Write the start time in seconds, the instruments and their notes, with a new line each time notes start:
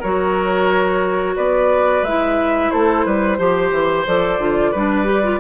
0.00 bassoon F#3, clarinet F#4, oboe A#4, flute C#5
1.36 bassoon B3, oboe B4, flute D5
2.03 bassoon G#3, clarinet E4, flute E5
2.71 bassoon A3, oboe A4, flute C5
3.06 bassoon G3, oboe B4
3.38 bassoon F3, clarinet G4, oboe C5
3.71 bassoon E3
4.07 bassoon F3, clarinet A4, flute D5
4.38 bassoon D3, clarinet F4
4.71 bassoon G3, clarinet D4, oboe B4
5.05 clarinet G4
5.23 clarinet F4